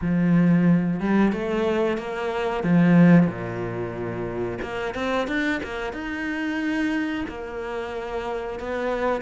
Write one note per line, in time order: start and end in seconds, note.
0.01 1.00 F3
1.00 1.32 G3
1.32 1.97 A3
1.97 2.63 A#3
2.63 3.26 F3
3.26 4.58 A#2
4.62 4.94 A#3
4.94 5.27 C4
5.27 5.60 D4
5.63 5.93 A#3
5.93 7.24 D#4
7.28 8.59 A#3
8.59 9.21 B3